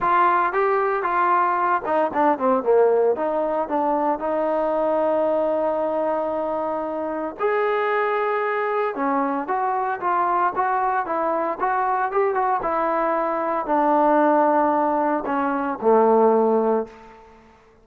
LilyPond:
\new Staff \with { instrumentName = "trombone" } { \time 4/4 \tempo 4 = 114 f'4 g'4 f'4. dis'8 | d'8 c'8 ais4 dis'4 d'4 | dis'1~ | dis'2 gis'2~ |
gis'4 cis'4 fis'4 f'4 | fis'4 e'4 fis'4 g'8 fis'8 | e'2 d'2~ | d'4 cis'4 a2 | }